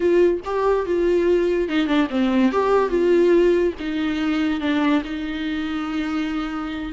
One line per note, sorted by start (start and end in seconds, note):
0.00 0.40 F4
0.44 0.86 G4
0.86 1.68 F4
1.68 1.86 D#4
1.86 2.07 D4
2.10 2.52 C4
2.52 2.89 G4
2.89 3.73 F4
3.79 4.60 D#4
4.60 5.02 D4
5.04 6.92 D#4